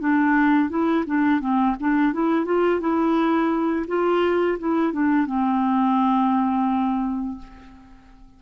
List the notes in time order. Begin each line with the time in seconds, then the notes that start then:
0.00 D4
0.69 E4
1.07 D4
1.40 C4
1.80 D4
2.13 E4
2.45 F4
2.80 E4
3.87 F4
4.59 E4
4.93 D4
5.26 C4